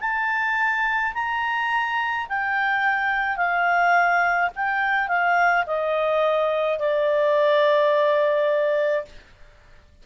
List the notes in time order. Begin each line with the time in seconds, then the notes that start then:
0.00 A5
1.14 A#5
2.29 G5
3.37 F5
4.55 G5
5.08 F5
5.67 D#5
6.79 D5